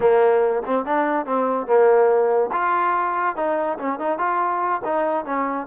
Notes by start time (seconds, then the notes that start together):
0.00 A#3
0.65 C4
0.85 D4
1.25 C4
1.66 A#3
2.52 F4
3.36 D#4
3.78 C#4
3.99 D#4
4.18 F4
4.84 D#4
5.25 C#4